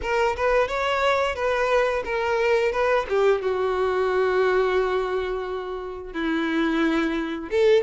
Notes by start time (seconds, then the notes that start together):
0.02 A#4
0.36 B4
0.68 C#5
1.35 B4
2.04 A#4
2.71 B4
3.08 G4
3.41 F#4
6.13 E4
7.50 A4